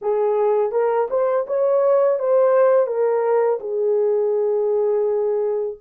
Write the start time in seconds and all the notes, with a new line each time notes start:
0.01 G#4
0.71 A#4
1.09 C5
1.46 C#5
2.19 C5
2.87 A#4
3.60 G#4